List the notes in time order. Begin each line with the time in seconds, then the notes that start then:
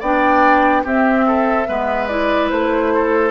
0.00 B3 D4 D5 G5
0.84 C4 G4 E5
1.27 A4
1.67 G#3 B3 B4
2.08 E4 D5
2.51 A3 C5
2.95 A4